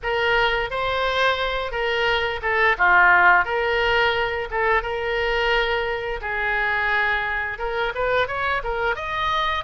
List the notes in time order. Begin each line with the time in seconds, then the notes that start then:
0.03 A#4
0.70 C5
1.71 A#4
2.41 A4
2.77 F4
3.45 A#4
4.50 A4
4.82 A#4
6.21 G#4
7.58 A#4
7.94 B4
8.27 C#5
8.63 A#4
8.95 D#5